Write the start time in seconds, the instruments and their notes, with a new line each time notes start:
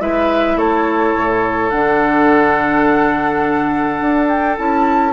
0.00 bassoon G#3, clarinet E4, oboe B4, flute E5
0.56 bassoon A3, oboe A4, flute C#5
1.16 bassoon A2
1.70 bassoon D3, clarinet D4, flute F#5
4.01 bassoon D4
4.28 flute G5
4.58 bassoon C#4, clarinet E4, flute A5